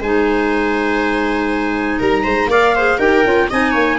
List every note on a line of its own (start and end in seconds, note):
0.00 1.98 G#3
0.00 2.51 D#4
0.00 1.99 C5
0.00 2.01 G#5
1.99 2.26 G3
1.99 2.24 A#4
1.99 2.51 A#5
2.24 2.48 G#3
2.24 2.49 C5
2.48 2.97 A#3
2.48 2.76 A#4
2.48 2.75 D5
2.48 3.00 F5
2.75 3.00 G#4
2.75 2.98 C5
2.98 3.24 D#4
2.98 3.25 G4
2.98 3.48 A#4
2.98 3.49 G5
3.25 3.49 C#4
3.25 3.50 F4
3.50 3.74 C4
3.50 3.99 D#4
3.50 3.71 D#5
3.50 3.99 G#5
3.71 3.99 A#3
3.71 3.96 C#5